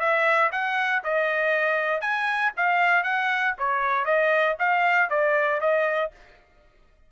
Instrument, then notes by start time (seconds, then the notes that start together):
trumpet
0.00 E5
0.52 F#5
1.04 D#5
2.02 G#5
2.57 F5
3.04 F#5
3.58 C#5
4.05 D#5
4.59 F5
5.10 D5
5.61 D#5